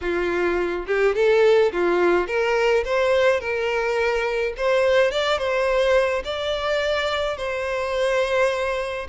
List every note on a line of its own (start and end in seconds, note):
0.01 0.86 F4
0.86 1.15 G4
1.15 1.71 A4
1.72 2.27 F4
2.27 2.84 A#4
2.85 3.40 C5
3.40 4.53 A#4
4.57 5.11 C5
5.11 5.38 D5
5.38 6.23 C5
6.24 7.37 D5
7.37 9.07 C5